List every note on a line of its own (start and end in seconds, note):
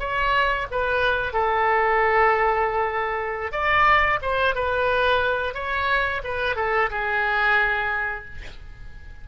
0.00 0.67 C#5
0.71 1.34 B4
1.34 3.52 A4
3.52 4.20 D5
4.22 4.55 C5
4.55 5.55 B4
5.55 6.22 C#5
6.24 6.56 B4
6.56 6.90 A4
6.90 8.25 G#4